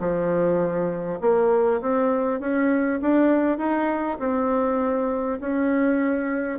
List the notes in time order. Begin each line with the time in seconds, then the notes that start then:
0.00 F3
1.21 A#3
1.82 C4
2.40 C#4
3.02 D4
3.58 D#4
4.20 C4
5.41 C#4